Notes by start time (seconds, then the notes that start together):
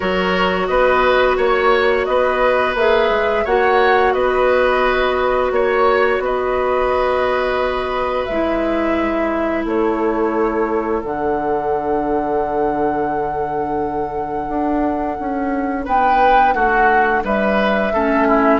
0.00 F#3 F#4 A#4 C#5
0.67 B3 B4 D#5
1.37 A#3 C#5
2.05 B3 B4 D#5
2.74 A#3 G#4 E5
3.09 G#3
3.44 A#3 F#4 C#5 F#5
4.13 B3 B4 D#5
5.51 A#3 C#5
6.19 B3 B4 D#5
8.25 G#3 E5
8.31 E4
9.65 A3 A4 C#5
11.01 D3 D4 F#5
14.48 D4
15.19 C#4
15.84 B3 B4 G5
16.52 A3 F#4 F#5
17.23 G3 B4 E5
17.93 A3 C#4 A4
18.27 E4